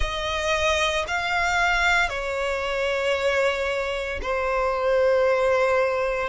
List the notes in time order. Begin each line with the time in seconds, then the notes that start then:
0.00 D#5
1.07 F5
2.09 C#5
4.22 C5